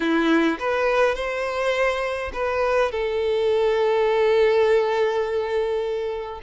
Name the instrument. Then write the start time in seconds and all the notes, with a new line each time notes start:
violin
0.00 E4
0.59 B4
1.15 C5
2.33 B4
2.91 A4